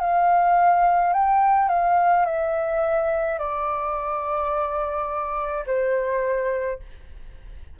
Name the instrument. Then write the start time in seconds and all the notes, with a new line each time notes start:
flute
0.00 F5
1.13 G5
1.69 F5
2.25 E5
3.39 D5
5.66 C5